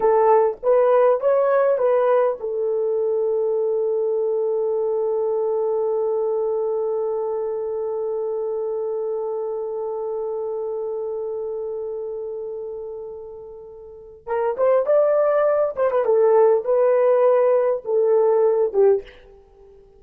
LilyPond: \new Staff \with { instrumentName = "horn" } { \time 4/4 \tempo 4 = 101 a'4 b'4 cis''4 b'4 | a'1~ | a'1~ | a'1~ |
a'1~ | a'1 | ais'8 c''8 d''4. c''16 b'16 a'4 | b'2 a'4. g'8 | }